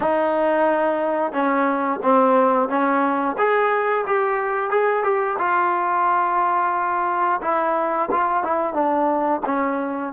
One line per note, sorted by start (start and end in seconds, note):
0.00 1.32 D#4
1.32 1.99 C#4
2.03 2.68 C4
2.68 3.36 C#4
3.37 4.05 G#4
4.06 4.70 G4
4.70 5.03 G#4
5.03 5.37 G4
5.38 7.40 F4
7.41 8.09 E4
8.11 8.43 F4
8.43 8.73 E4
8.73 9.40 D4
9.45 10.12 C#4